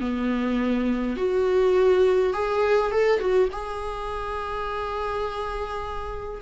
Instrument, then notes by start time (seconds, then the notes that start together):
viola
0.00 B3
1.17 F#4
2.33 G#4
2.91 A4
3.19 F#4
3.52 G#4